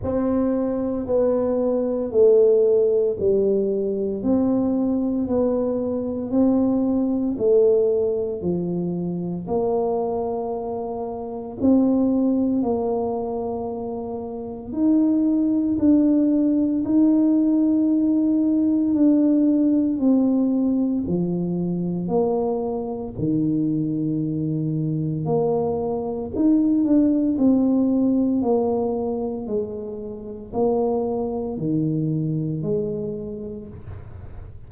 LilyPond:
\new Staff \with { instrumentName = "tuba" } { \time 4/4 \tempo 4 = 57 c'4 b4 a4 g4 | c'4 b4 c'4 a4 | f4 ais2 c'4 | ais2 dis'4 d'4 |
dis'2 d'4 c'4 | f4 ais4 dis2 | ais4 dis'8 d'8 c'4 ais4 | gis4 ais4 dis4 gis4 | }